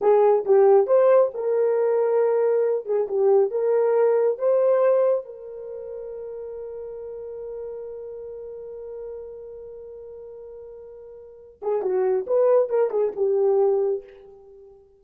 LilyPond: \new Staff \with { instrumentName = "horn" } { \time 4/4 \tempo 4 = 137 gis'4 g'4 c''4 ais'4~ | ais'2~ ais'8 gis'8 g'4 | ais'2 c''2 | ais'1~ |
ais'1~ | ais'1~ | ais'2~ ais'8 gis'8 fis'4 | b'4 ais'8 gis'8 g'2 | }